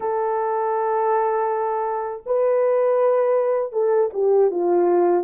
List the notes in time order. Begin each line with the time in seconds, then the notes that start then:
0.00 A4
2.26 B4
3.72 A4
4.13 G4
4.50 F4